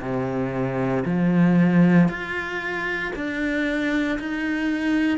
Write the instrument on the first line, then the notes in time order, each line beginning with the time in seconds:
cello
0.00 C3
1.05 F3
2.08 F4
3.15 D4
4.18 D#4